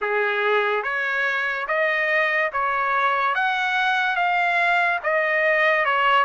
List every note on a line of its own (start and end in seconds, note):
0.01 0.83 G#4
0.83 1.66 C#5
1.67 2.51 D#5
2.52 3.34 C#5
3.34 4.16 F#5
4.16 4.99 F5
5.03 5.85 D#5
5.85 6.24 C#5